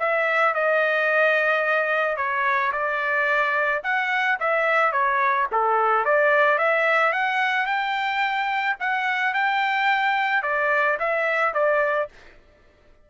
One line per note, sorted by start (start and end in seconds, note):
0.00 0.55 E5
0.55 2.17 D#5
2.17 2.72 C#5
2.73 3.83 D5
3.84 4.39 F#5
4.40 4.92 E5
4.92 5.47 C#5
5.52 6.05 A4
6.05 6.59 D5
6.59 7.13 E5
7.13 7.67 F#5
7.67 8.77 G5
8.80 9.34 F#5
9.34 10.43 G5
10.43 10.98 D5
11.00 11.54 E5
11.54 12.09 D5